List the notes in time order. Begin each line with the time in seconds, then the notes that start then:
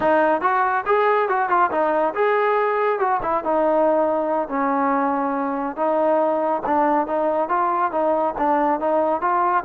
0.00 D#4
0.41 F#4
0.86 G#4
1.29 F#4
1.49 F4
1.71 D#4
2.14 G#4
2.99 F#4
3.22 E4
3.43 D#4
4.48 C#4
5.76 D#4
6.65 D4
7.06 D#4
7.48 F4
7.91 D#4
8.38 D4
8.80 D#4
9.21 F4